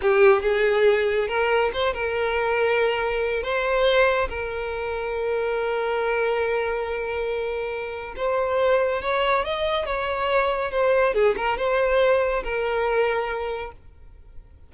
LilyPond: \new Staff \with { instrumentName = "violin" } { \time 4/4 \tempo 4 = 140 g'4 gis'2 ais'4 | c''8 ais'2.~ ais'8 | c''2 ais'2~ | ais'1~ |
ais'2. c''4~ | c''4 cis''4 dis''4 cis''4~ | cis''4 c''4 gis'8 ais'8 c''4~ | c''4 ais'2. | }